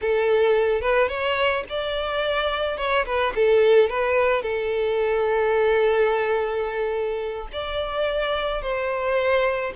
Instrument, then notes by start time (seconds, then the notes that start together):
violin
0.01 A4
0.81 B4
1.08 C#5
1.69 D5
2.77 C#5
3.05 B4
3.35 A4
3.89 B4
4.42 A4
7.52 D5
8.61 C5